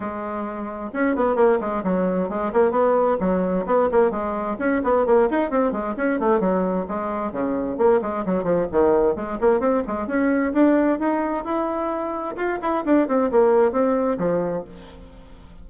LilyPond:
\new Staff \with { instrumentName = "bassoon" } { \time 4/4 \tempo 4 = 131 gis2 cis'8 b8 ais8 gis8 | fis4 gis8 ais8 b4 fis4 | b8 ais8 gis4 cis'8 b8 ais8 dis'8 | c'8 gis8 cis'8 a8 fis4 gis4 |
cis4 ais8 gis8 fis8 f8 dis4 | gis8 ais8 c'8 gis8 cis'4 d'4 | dis'4 e'2 f'8 e'8 | d'8 c'8 ais4 c'4 f4 | }